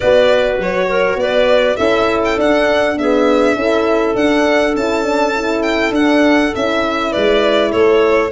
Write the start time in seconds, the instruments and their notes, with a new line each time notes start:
0.00 tuba B3, horn F#4, clarinet B4, violin D5
0.58 tuba F#3, violin C#5
0.88 clarinet A#4
1.16 tuba B3, clarinet B4, violin D5
1.76 tuba C#4, horn E4, clarinet A4, violin E5
2.24 violin G5
2.36 horn D4, tuba D4, violin F#5
2.97 horn B3, clarinet G#4, violin E5
3.55 tuba C#4, horn E4, clarinet A4
4.15 tuba D4, horn D4, violin F#5
4.74 tuba C#4, horn E4, violin A5
5.03 horn D4
5.34 horn E4
5.62 violin G5
5.90 tuba D4, horn D4, violin F#5
6.53 tuba C#4, horn E4, violin E5
7.11 tuba G#3, clarinet B4, violin D5
7.70 tuba A3, clarinet A4, violin C#5